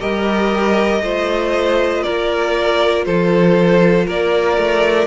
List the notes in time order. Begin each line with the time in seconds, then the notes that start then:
0.00 G3 G4 A#4 D#5
1.01 A3 F4 C5
2.03 A#3 A#4 D5
3.05 F3 A4 C5
4.06 A#3 A#4 D5
4.58 A3